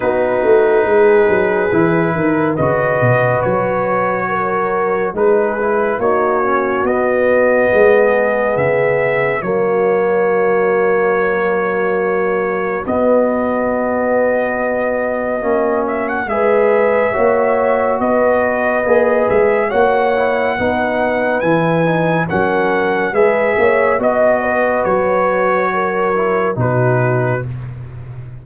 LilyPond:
<<
  \new Staff \with { instrumentName = "trumpet" } { \time 4/4 \tempo 4 = 70 b'2. dis''4 | cis''2 b'4 cis''4 | dis''2 e''4 cis''4~ | cis''2. dis''4~ |
dis''2~ dis''8 e''16 fis''16 e''4~ | e''4 dis''4. e''8 fis''4~ | fis''4 gis''4 fis''4 e''4 | dis''4 cis''2 b'4 | }
  \new Staff \with { instrumentName = "horn" } { \time 4/4 fis'4 gis'4. ais'8 b'4~ | b'4 ais'4 gis'4 fis'4~ | fis'4 gis'2 fis'4~ | fis'1~ |
fis'2. b'4 | cis''4 b'2 cis''4 | b'2 ais'4 b'8 cis''8 | dis''8 b'4. ais'4 fis'4 | }
  \new Staff \with { instrumentName = "trombone" } { \time 4/4 dis'2 e'4 fis'4~ | fis'2 dis'8 e'8 dis'8 cis'8 | b2. ais4~ | ais2. b4~ |
b2 cis'4 gis'4 | fis'2 gis'4 fis'8 e'8 | dis'4 e'8 dis'8 cis'4 gis'4 | fis'2~ fis'8 e'8 dis'4 | }
  \new Staff \with { instrumentName = "tuba" } { \time 4/4 b8 a8 gis8 fis8 e8 dis8 cis8 b,8 | fis2 gis4 ais4 | b4 gis4 cis4 fis4~ | fis2. b4~ |
b2 ais4 gis4 | ais4 b4 ais8 gis8 ais4 | b4 e4 fis4 gis8 ais8 | b4 fis2 b,4 | }
>>